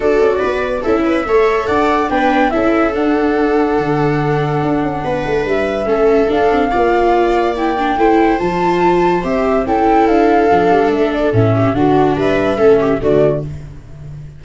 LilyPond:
<<
  \new Staff \with { instrumentName = "flute" } { \time 4/4 \tempo 4 = 143 d''2 e''2 | fis''4 g''4 e''4 fis''4~ | fis''1~ | fis''4 e''2 f''4~ |
f''2 g''2 | a''2 e''4 g''4 | f''2 e''8 d''8 e''4 | fis''4 e''2 d''4 | }
  \new Staff \with { instrumentName = "viola" } { \time 4/4 a'4 b'4 a'8 b'8 cis''4 | d''4 b'4 a'2~ | a'1 | b'2 a'2 |
d''2. c''4~ | c''2. a'4~ | a'2.~ a'8 g'8 | fis'4 b'4 a'8 g'8 fis'4 | }
  \new Staff \with { instrumentName = "viola" } { \time 4/4 fis'2 e'4 a'4~ | a'4 d'4 e'4 d'4~ | d'1~ | d'2 cis'4 d'4 |
f'2 e'8 d'8 e'4 | f'2 g'4 e'4~ | e'4 d'2 cis'4 | d'2 cis'4 a4 | }
  \new Staff \with { instrumentName = "tuba" } { \time 4/4 d'8 cis'8 b4 cis'4 a4 | d'4 b4 cis'4 d'4~ | d'4 d2 d'8 cis'8 | b8 a8 g4 a4 d'8 c'8 |
ais2. a4 | f2 c'4 cis'4 | d'4 f8 g8 a4 a,4 | d4 g4 a4 d4 | }
>>